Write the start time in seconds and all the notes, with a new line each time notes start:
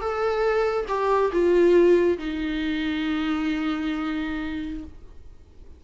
0.00 A4
0.88 G4
1.32 F4
2.18 D#4